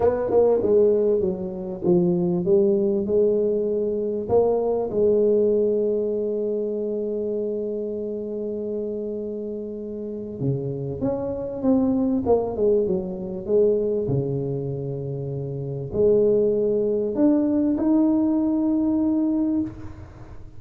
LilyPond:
\new Staff \with { instrumentName = "tuba" } { \time 4/4 \tempo 4 = 98 b8 ais8 gis4 fis4 f4 | g4 gis2 ais4 | gis1~ | gis1~ |
gis4 cis4 cis'4 c'4 | ais8 gis8 fis4 gis4 cis4~ | cis2 gis2 | d'4 dis'2. | }